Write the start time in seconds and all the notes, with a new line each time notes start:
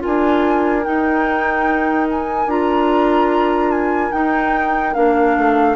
0.00 D4 F4 A#4 G#5
0.84 D#4 G5
2.12 G#5
2.47 D4 F4 A#5
3.72 G#5
4.12 D#4 G5
4.94 A#3 D4 F5
5.38 A3